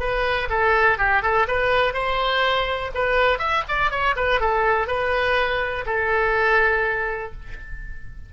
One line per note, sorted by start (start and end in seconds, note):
0.00 0.49 B4
0.50 0.98 A4
0.98 1.23 G4
1.23 1.47 A4
1.48 1.94 B4
1.94 2.91 C5
2.95 3.39 B4
3.39 3.63 E5
3.69 3.91 D5
3.91 4.16 C#5
4.16 4.41 B4
4.41 4.88 A4
4.88 5.85 B4
5.86 7.33 A4